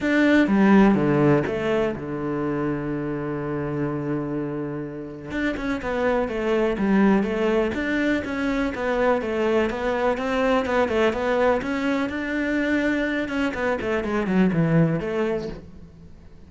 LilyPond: \new Staff \with { instrumentName = "cello" } { \time 4/4 \tempo 4 = 124 d'4 g4 d4 a4 | d1~ | d2. d'8 cis'8 | b4 a4 g4 a4 |
d'4 cis'4 b4 a4 | b4 c'4 b8 a8 b4 | cis'4 d'2~ d'8 cis'8 | b8 a8 gis8 fis8 e4 a4 | }